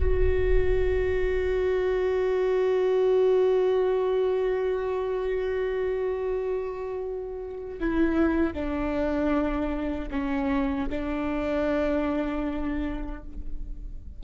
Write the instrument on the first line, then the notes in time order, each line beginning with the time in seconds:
viola
0.00 F#4
7.80 E4
8.54 D4
10.12 C#4
10.89 D4